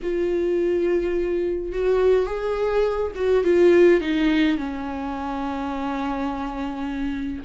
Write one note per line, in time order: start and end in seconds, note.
0.02 1.72 F4
1.72 2.26 F#4
2.26 3.11 G#4
3.15 3.44 F#4
3.44 4.00 F4
4.00 4.57 D#4
4.57 7.43 C#4